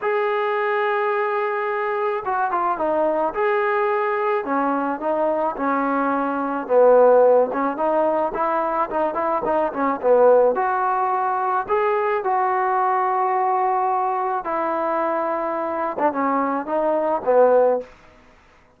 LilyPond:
\new Staff \with { instrumentName = "trombone" } { \time 4/4 \tempo 4 = 108 gis'1 | fis'8 f'8 dis'4 gis'2 | cis'4 dis'4 cis'2 | b4. cis'8 dis'4 e'4 |
dis'8 e'8 dis'8 cis'8 b4 fis'4~ | fis'4 gis'4 fis'2~ | fis'2 e'2~ | e'8. d'16 cis'4 dis'4 b4 | }